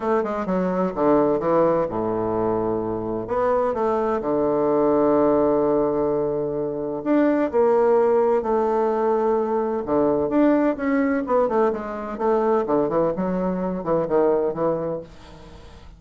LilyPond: \new Staff \with { instrumentName = "bassoon" } { \time 4/4 \tempo 4 = 128 a8 gis8 fis4 d4 e4 | a,2. b4 | a4 d2.~ | d2. d'4 |
ais2 a2~ | a4 d4 d'4 cis'4 | b8 a8 gis4 a4 d8 e8 | fis4. e8 dis4 e4 | }